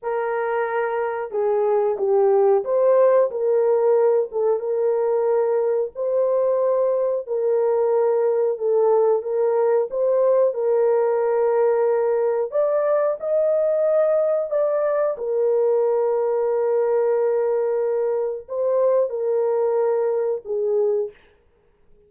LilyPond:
\new Staff \with { instrumentName = "horn" } { \time 4/4 \tempo 4 = 91 ais'2 gis'4 g'4 | c''4 ais'4. a'8 ais'4~ | ais'4 c''2 ais'4~ | ais'4 a'4 ais'4 c''4 |
ais'2. d''4 | dis''2 d''4 ais'4~ | ais'1 | c''4 ais'2 gis'4 | }